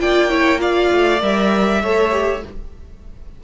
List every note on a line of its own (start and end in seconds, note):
0.00 0.91 A#3
0.00 0.30 F4
0.00 0.30 D5
0.00 0.61 G5
0.30 0.59 E4
0.30 0.60 C#5
0.59 1.20 F4
0.59 1.83 D5
0.59 1.22 F5
0.92 1.22 A3
1.20 1.82 G3
1.20 1.80 A#4
1.20 2.44 E5
1.82 2.43 A3
1.82 2.11 A4
1.82 2.43 C#5
2.11 2.42 G4